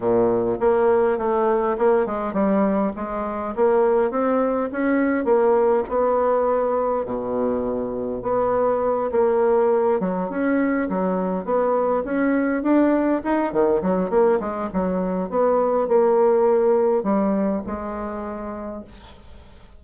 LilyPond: \new Staff \with { instrumentName = "bassoon" } { \time 4/4 \tempo 4 = 102 ais,4 ais4 a4 ais8 gis8 | g4 gis4 ais4 c'4 | cis'4 ais4 b2 | b,2 b4. ais8~ |
ais4 fis8 cis'4 fis4 b8~ | b8 cis'4 d'4 dis'8 dis8 fis8 | ais8 gis8 fis4 b4 ais4~ | ais4 g4 gis2 | }